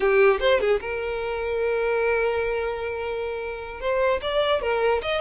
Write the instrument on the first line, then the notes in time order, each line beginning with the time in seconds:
violin
0.00 G4
0.40 C5
0.59 G#4
0.81 A#4
3.80 C5
4.21 D5
4.61 A#4
5.01 D#5